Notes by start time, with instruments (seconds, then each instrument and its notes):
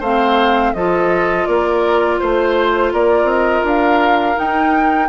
0.00 bassoon A3, clarinet C4, oboe C5, flute F5
0.74 bassoon F3, clarinet F4, oboe A4, flute D#5
1.46 bassoon A#3, oboe A#4, flute D5
2.19 bassoon A3, flute C5, oboe C5
2.93 bassoon A#3, oboe A#4, flute D5
3.24 bassoon C4, flute D#5
3.64 bassoon D4, flute F5
4.36 clarinet D#4, bassoon D#4, flute G5